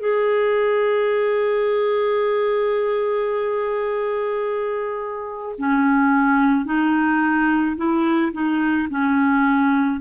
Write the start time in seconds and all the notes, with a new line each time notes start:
0.00 G#4
5.59 C#4
6.65 D#4
7.77 E4
8.33 D#4
8.90 C#4